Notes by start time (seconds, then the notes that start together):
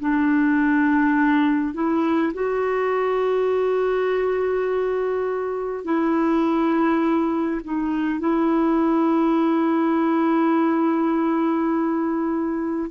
0.00 D4
1.74 E4
2.34 F#4
5.84 E4
7.64 D#4
8.20 E4